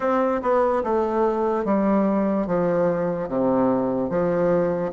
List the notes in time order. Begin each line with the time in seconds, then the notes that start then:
0.00 C4
0.41 B3
0.83 A3
1.64 G3
2.47 F3
3.28 C3
4.09 F3